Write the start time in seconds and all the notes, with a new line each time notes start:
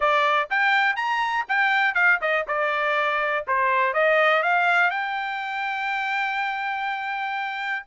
0.00 D5
0.50 G5
0.96 A#5
1.48 G5
1.94 F5
2.21 D#5
2.47 D5
3.47 C5
3.93 D#5
4.42 F5
4.90 G5